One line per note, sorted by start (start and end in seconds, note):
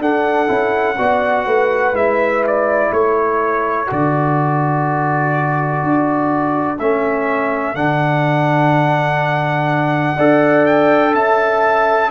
0.00 0.48 D4
0.00 0.98 A4
0.00 1.96 F#5
0.48 0.98 C#4
0.48 0.96 E4
0.98 1.47 B3
0.98 1.94 F#4
0.98 1.46 D5
1.46 1.93 A3
1.46 2.89 B4
1.93 2.90 G#3
1.93 3.87 E4
1.93 2.45 E5
2.48 2.93 D5
2.89 3.89 A3
2.89 10.15 A4
2.89 3.90 C#5
3.87 5.83 D3
3.87 6.78 F#4
3.87 6.80 D5
5.83 6.80 D4
6.80 7.75 A3
6.80 7.75 C#4
6.80 7.76 E5
7.75 10.17 D3
7.75 10.17 D4
7.75 10.66 F#5
10.17 11.15 D4
10.17 12.11 A4
10.17 11.14 D5
10.66 11.15 G5
11.15 12.11 C#4
11.15 12.11 E5
11.15 12.11 A5